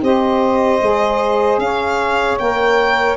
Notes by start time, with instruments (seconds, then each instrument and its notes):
0.00 tuba C4, saxophone G4 C5, violin D#5
0.81 tuba G#3, saxophone G#4
1.58 tuba C#4, saxophone C#5, violin F5
2.38 tuba A#3, saxophone A#4, violin G5